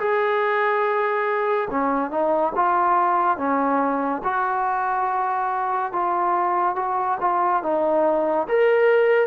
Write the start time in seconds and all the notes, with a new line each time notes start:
0.00 G#4
1.71 C#4
2.11 D#4
2.56 F4
3.38 C#4
4.24 F#4
5.93 F4
6.76 F#4
7.21 F4
7.63 D#4
8.49 A#4